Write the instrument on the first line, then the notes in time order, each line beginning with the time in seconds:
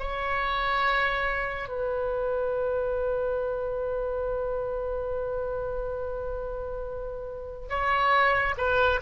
oboe
0.00 C#5
1.69 B4
7.70 C#5
8.58 B4